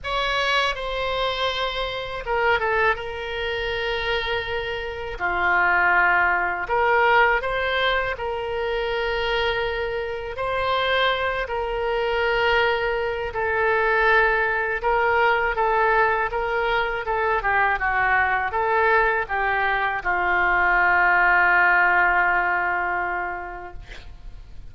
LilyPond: \new Staff \with { instrumentName = "oboe" } { \time 4/4 \tempo 4 = 81 cis''4 c''2 ais'8 a'8 | ais'2. f'4~ | f'4 ais'4 c''4 ais'4~ | ais'2 c''4. ais'8~ |
ais'2 a'2 | ais'4 a'4 ais'4 a'8 g'8 | fis'4 a'4 g'4 f'4~ | f'1 | }